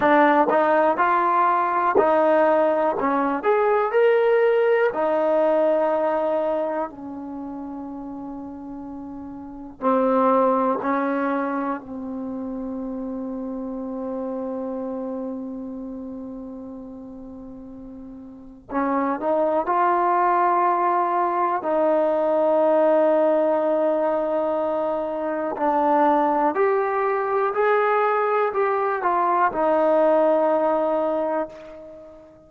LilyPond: \new Staff \with { instrumentName = "trombone" } { \time 4/4 \tempo 4 = 61 d'8 dis'8 f'4 dis'4 cis'8 gis'8 | ais'4 dis'2 cis'4~ | cis'2 c'4 cis'4 | c'1~ |
c'2. cis'8 dis'8 | f'2 dis'2~ | dis'2 d'4 g'4 | gis'4 g'8 f'8 dis'2 | }